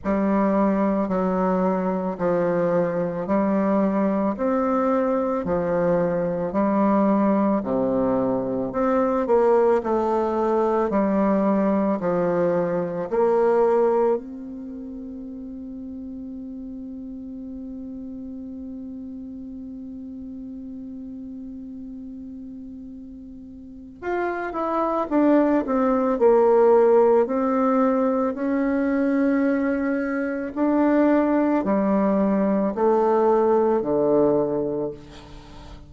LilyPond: \new Staff \with { instrumentName = "bassoon" } { \time 4/4 \tempo 4 = 55 g4 fis4 f4 g4 | c'4 f4 g4 c4 | c'8 ais8 a4 g4 f4 | ais4 c'2.~ |
c'1~ | c'2 f'8 e'8 d'8 c'8 | ais4 c'4 cis'2 | d'4 g4 a4 d4 | }